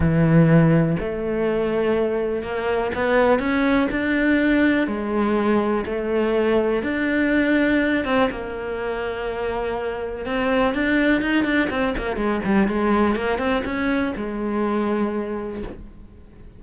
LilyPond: \new Staff \with { instrumentName = "cello" } { \time 4/4 \tempo 4 = 123 e2 a2~ | a4 ais4 b4 cis'4 | d'2 gis2 | a2 d'2~ |
d'8 c'8 ais2.~ | ais4 c'4 d'4 dis'8 d'8 | c'8 ais8 gis8 g8 gis4 ais8 c'8 | cis'4 gis2. | }